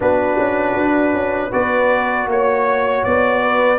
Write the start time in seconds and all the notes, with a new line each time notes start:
0.00 B3 D4 F#4 B4
0.38 C#4
0.77 D4
1.13 C#4
1.50 B3 F#4 B4 D5
2.27 A#3 C#5
3.03 B3 D5
3.41 B4